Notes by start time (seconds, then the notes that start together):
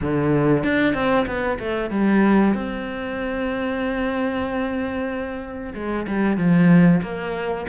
0.01 D3
0.63 D4
0.94 C4
1.26 B3
1.59 A3
1.90 G3
2.54 C4
5.74 G#3
6.07 G3
6.37 F3
7.02 A#3